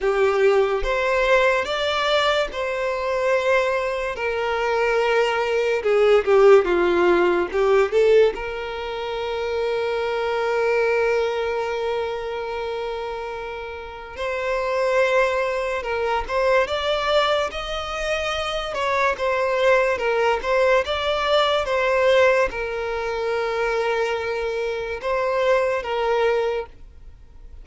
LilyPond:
\new Staff \with { instrumentName = "violin" } { \time 4/4 \tempo 4 = 72 g'4 c''4 d''4 c''4~ | c''4 ais'2 gis'8 g'8 | f'4 g'8 a'8 ais'2~ | ais'1~ |
ais'4 c''2 ais'8 c''8 | d''4 dis''4. cis''8 c''4 | ais'8 c''8 d''4 c''4 ais'4~ | ais'2 c''4 ais'4 | }